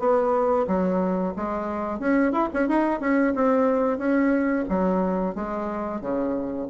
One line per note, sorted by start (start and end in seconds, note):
0.00 0.67 B3
0.68 1.34 F#3
1.37 2.00 G#3
2.00 2.32 C#4
2.32 2.49 E4
2.54 2.68 C#4
2.68 3.01 D#4
3.01 3.34 C#4
3.35 3.98 C4
3.98 4.65 C#4
4.69 5.35 F#3
5.35 6.01 G#3
6.01 6.68 C#3